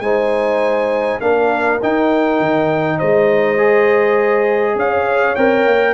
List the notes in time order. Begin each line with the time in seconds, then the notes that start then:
0.00 G#3 D#4 C5 G#5
1.20 A#3 D4 A#4 F5
1.83 D#4 G5
2.40 D#3
2.98 G#3 C5 D#5
3.58 G#4
4.75 C#4 C#5 F5
5.36 C4 A#4 G5
5.66 A#3